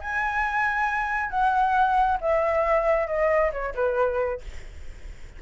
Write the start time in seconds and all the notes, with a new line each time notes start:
0.00 G#5
1.30 F#5
2.20 E5
3.07 D#5
3.52 C#5
3.74 B4